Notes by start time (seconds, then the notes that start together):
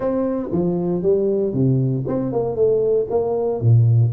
0.00 C4
0.51 F3
1.02 G3
1.53 C3
2.07 C4
2.32 A#3
2.55 A3
3.09 A#3
3.60 A#2